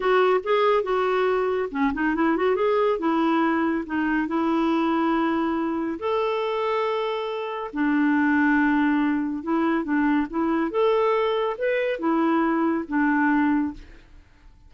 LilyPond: \new Staff \with { instrumentName = "clarinet" } { \time 4/4 \tempo 4 = 140 fis'4 gis'4 fis'2 | cis'8 dis'8 e'8 fis'8 gis'4 e'4~ | e'4 dis'4 e'2~ | e'2 a'2~ |
a'2 d'2~ | d'2 e'4 d'4 | e'4 a'2 b'4 | e'2 d'2 | }